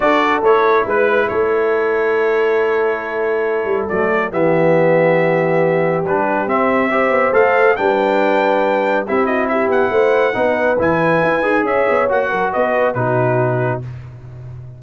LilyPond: <<
  \new Staff \with { instrumentName = "trumpet" } { \time 4/4 \tempo 4 = 139 d''4 cis''4 b'4 cis''4~ | cis''1~ | cis''4 d''4 e''2~ | e''2 b'4 e''4~ |
e''4 f''4 g''2~ | g''4 e''8 dis''8 e''8 fis''4.~ | fis''4 gis''2 e''4 | fis''4 dis''4 b'2 | }
  \new Staff \with { instrumentName = "horn" } { \time 4/4 a'2 b'4 a'4~ | a'1~ | a'2 g'2~ | g'1 |
c''2 b'2~ | b'4 g'8 fis'8 g'4 c''4 | b'2. cis''4~ | cis''8 ais'8 b'4 fis'2 | }
  \new Staff \with { instrumentName = "trombone" } { \time 4/4 fis'4 e'2.~ | e'1~ | e'4 a4 b2~ | b2 d'4 c'4 |
g'4 a'4 d'2~ | d'4 e'2. | dis'4 e'4. gis'4. | fis'2 dis'2 | }
  \new Staff \with { instrumentName = "tuba" } { \time 4/4 d'4 a4 gis4 a4~ | a1~ | a8 g8 fis4 e2~ | e2 g4 c'4~ |
c'8 b8 a4 g2~ | g4 c'4. b8 a4 | b4 e4 e'8 dis'8 cis'8 b8 | ais8 fis8 b4 b,2 | }
>>